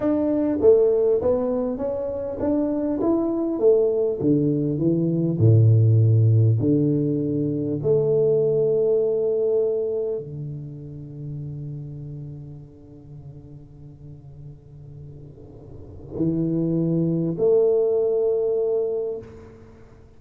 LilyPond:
\new Staff \with { instrumentName = "tuba" } { \time 4/4 \tempo 4 = 100 d'4 a4 b4 cis'4 | d'4 e'4 a4 d4 | e4 a,2 d4~ | d4 a2.~ |
a4 d2.~ | d1~ | d2. e4~ | e4 a2. | }